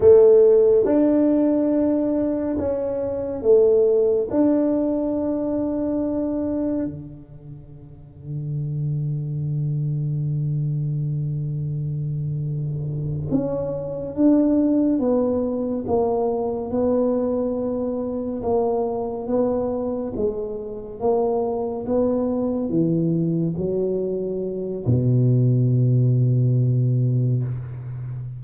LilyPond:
\new Staff \with { instrumentName = "tuba" } { \time 4/4 \tempo 4 = 70 a4 d'2 cis'4 | a4 d'2. | d1~ | d2.~ d8 cis'8~ |
cis'8 d'4 b4 ais4 b8~ | b4. ais4 b4 gis8~ | gis8 ais4 b4 e4 fis8~ | fis4 b,2. | }